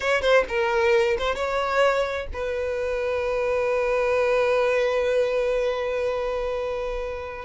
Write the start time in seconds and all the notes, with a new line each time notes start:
0.00 C#5
0.21 C5
0.48 A#4
1.18 C5
1.35 C#5
2.33 B4